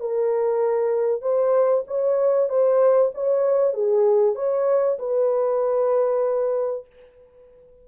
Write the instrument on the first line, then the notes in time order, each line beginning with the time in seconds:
horn
0.00 A#4
1.22 C5
1.87 C#5
2.49 C5
3.14 C#5
3.74 G#4
4.35 C#5
4.99 B4